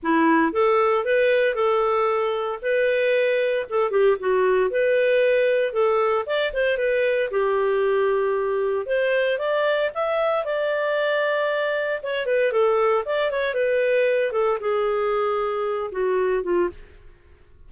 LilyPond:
\new Staff \with { instrumentName = "clarinet" } { \time 4/4 \tempo 4 = 115 e'4 a'4 b'4 a'4~ | a'4 b'2 a'8 g'8 | fis'4 b'2 a'4 | d''8 c''8 b'4 g'2~ |
g'4 c''4 d''4 e''4 | d''2. cis''8 b'8 | a'4 d''8 cis''8 b'4. a'8 | gis'2~ gis'8 fis'4 f'8 | }